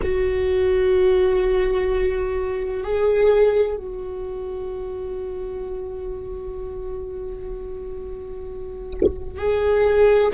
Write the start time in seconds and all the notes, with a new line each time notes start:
0.02 F#4
2.83 G#4
3.76 F#4
9.37 G#4